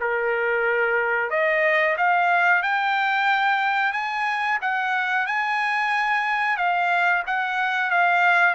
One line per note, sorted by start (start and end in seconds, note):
0.00 1.30 A#4
1.30 1.96 D#5
1.97 2.62 F5
2.62 3.92 G5
3.92 4.58 G#5
4.61 5.27 F#5
5.27 6.57 G#5
6.57 7.23 F5
7.26 7.90 F#5
7.90 8.54 F5